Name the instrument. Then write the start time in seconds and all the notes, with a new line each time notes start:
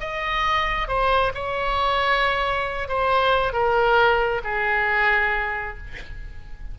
oboe
0.00 D#5
0.88 C5
1.35 C#5
2.89 C5
3.53 A#4
4.44 G#4